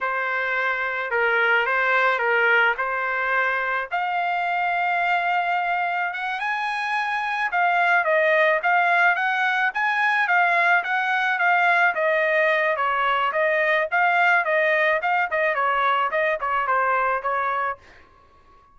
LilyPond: \new Staff \with { instrumentName = "trumpet" } { \time 4/4 \tempo 4 = 108 c''2 ais'4 c''4 | ais'4 c''2 f''4~ | f''2. fis''8 gis''8~ | gis''4. f''4 dis''4 f''8~ |
f''8 fis''4 gis''4 f''4 fis''8~ | fis''8 f''4 dis''4. cis''4 | dis''4 f''4 dis''4 f''8 dis''8 | cis''4 dis''8 cis''8 c''4 cis''4 | }